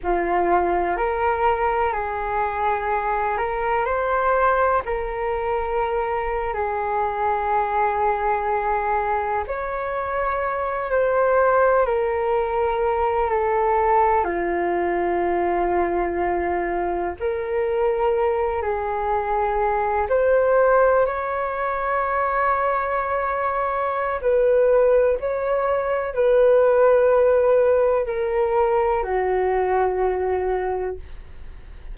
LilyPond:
\new Staff \with { instrumentName = "flute" } { \time 4/4 \tempo 4 = 62 f'4 ais'4 gis'4. ais'8 | c''4 ais'4.~ ais'16 gis'4~ gis'16~ | gis'4.~ gis'16 cis''4. c''8.~ | c''16 ais'4. a'4 f'4~ f'16~ |
f'4.~ f'16 ais'4. gis'8.~ | gis'8. c''4 cis''2~ cis''16~ | cis''4 b'4 cis''4 b'4~ | b'4 ais'4 fis'2 | }